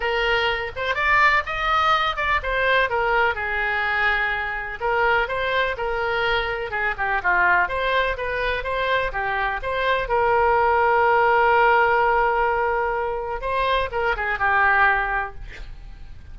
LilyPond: \new Staff \with { instrumentName = "oboe" } { \time 4/4 \tempo 4 = 125 ais'4. c''8 d''4 dis''4~ | dis''8 d''8 c''4 ais'4 gis'4~ | gis'2 ais'4 c''4 | ais'2 gis'8 g'8 f'4 |
c''4 b'4 c''4 g'4 | c''4 ais'2.~ | ais'1 | c''4 ais'8 gis'8 g'2 | }